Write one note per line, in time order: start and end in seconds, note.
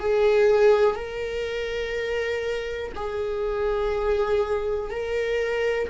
0.00 0.95 G#4
0.95 2.92 A#4
2.96 4.90 G#4
4.90 5.89 A#4